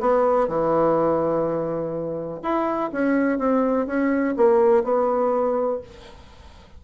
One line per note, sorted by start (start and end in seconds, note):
0.00 0.48 B3
0.48 2.41 E3
2.43 2.91 E4
2.92 3.39 C#4
3.39 3.87 C4
3.87 4.35 C#4
4.37 4.84 A#3
4.84 5.81 B3